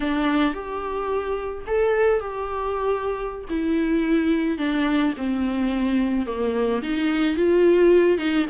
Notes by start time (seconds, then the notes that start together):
0.00 D4
0.54 G4
1.67 A4
2.19 G4
3.49 E4
4.58 D4
5.17 C4
6.26 A#3
6.82 D#4
7.36 F4
8.18 D#4